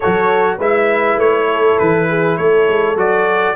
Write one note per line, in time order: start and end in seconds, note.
0.00 0.58 F#3
0.00 0.60 F#4
0.00 0.57 A4
0.00 0.58 C#5
0.57 1.17 G#3
0.57 2.97 E4
0.57 1.46 B4
0.57 1.19 E5
1.17 1.76 A3
1.17 1.78 C#5
1.51 2.08 A4
1.78 2.38 E3
1.78 2.37 B4
2.08 2.38 G#4
2.37 2.67 A3
2.37 3.55 A4
2.37 2.96 C#5
2.67 2.96 G#3
2.96 3.55 F#3
2.96 3.55 F#4
2.96 3.55 D5